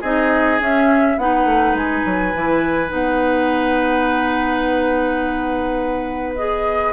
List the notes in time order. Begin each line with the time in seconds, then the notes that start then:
0.00 C4 D#4 G#4 D#5
0.60 C#4 E5
1.17 B3 D#4 B4 F#5
1.45 A3
1.74 G#3 G#5
2.05 F#3
2.33 E3 E4
2.89 B3 D#4 F#5
6.36 G#4 D#5